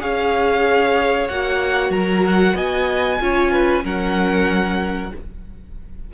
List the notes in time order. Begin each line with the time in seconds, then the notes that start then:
0.00 C#4 G#4 C#5 F5
1.28 A#3 F#4 F#5
1.89 F#3 A#4 A#5
2.26 F#5
2.55 B3 D#5 G#5
3.19 C#4 F4 C#5
3.51 B4
3.83 F#3 C#4 A#4 F#5